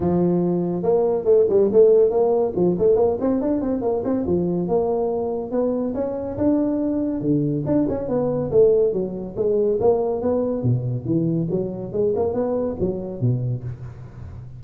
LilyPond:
\new Staff \with { instrumentName = "tuba" } { \time 4/4 \tempo 4 = 141 f2 ais4 a8 g8 | a4 ais4 f8 a8 ais8 c'8 | d'8 c'8 ais8 c'8 f4 ais4~ | ais4 b4 cis'4 d'4~ |
d'4 d4 d'8 cis'8 b4 | a4 fis4 gis4 ais4 | b4 b,4 e4 fis4 | gis8 ais8 b4 fis4 b,4 | }